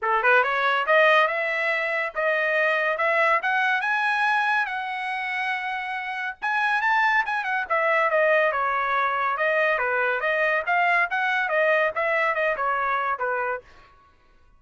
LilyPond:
\new Staff \with { instrumentName = "trumpet" } { \time 4/4 \tempo 4 = 141 a'8 b'8 cis''4 dis''4 e''4~ | e''4 dis''2 e''4 | fis''4 gis''2 fis''4~ | fis''2. gis''4 |
a''4 gis''8 fis''8 e''4 dis''4 | cis''2 dis''4 b'4 | dis''4 f''4 fis''4 dis''4 | e''4 dis''8 cis''4. b'4 | }